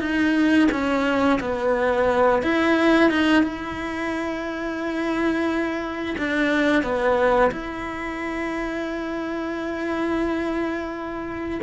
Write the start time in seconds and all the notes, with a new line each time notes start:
0.00 D#4
0.71 C#4
1.40 B3
2.42 E4
3.10 D#4
3.43 E4
6.18 D4
6.82 B3
7.51 E4